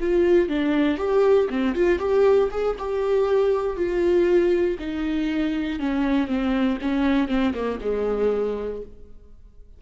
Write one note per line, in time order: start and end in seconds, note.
0.00 0.48 F4
0.48 0.98 D4
0.98 1.48 G4
1.50 1.75 C4
1.75 1.99 F4
1.99 2.49 G4
2.51 2.76 G#4
2.79 3.77 G4
3.77 4.77 F4
4.79 5.79 D#4
5.79 6.28 C#4
6.28 6.78 C4
6.81 7.28 C#4
7.28 7.53 C4
7.54 7.79 A#3
7.81 8.82 G#3